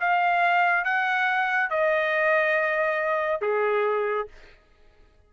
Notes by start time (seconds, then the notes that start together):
0.00 F5
0.84 F#5
1.70 D#5
3.41 G#4